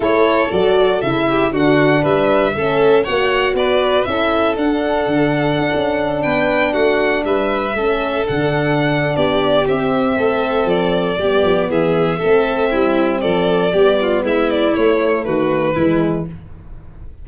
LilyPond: <<
  \new Staff \with { instrumentName = "violin" } { \time 4/4 \tempo 4 = 118 cis''4 d''4 e''4 fis''4 | e''2 fis''4 d''4 | e''4 fis''2.~ | fis''16 g''4 fis''4 e''4.~ e''16~ |
e''16 fis''4.~ fis''16 d''4 e''4~ | e''4 d''2 e''4~ | e''2 d''2 | e''8 d''8 cis''4 b'2 | }
  \new Staff \with { instrumentName = "violin" } { \time 4/4 a'2~ a'8 g'8 fis'4 | b'4 a'4 cis''4 b'4 | a'1~ | a'16 b'4 fis'4 b'4 a'8.~ |
a'2 g'2 | a'2 g'4 gis'4 | a'4 e'4 a'4 g'8 f'8 | e'2 fis'4 e'4 | }
  \new Staff \with { instrumentName = "horn" } { \time 4/4 e'4 fis'4 e'4 d'4~ | d'4 cis'4 fis'2 | e'4 d'2.~ | d'2.~ d'16 cis'8.~ |
cis'16 d'2~ d'8. c'4~ | c'2 b2 | c'2. b4~ | b4 a2 gis4 | }
  \new Staff \with { instrumentName = "tuba" } { \time 4/4 a4 fis4 cis4 d4 | g4 a4 ais4 b4 | cis'4 d'4 d4 d'16 cis'8.~ | cis'16 b4 a4 g4 a8.~ |
a16 d4.~ d16 b4 c'4 | a4 f4 g8 f8 e4 | a4 g4 f4 g4 | gis4 a4 dis4 e4 | }
>>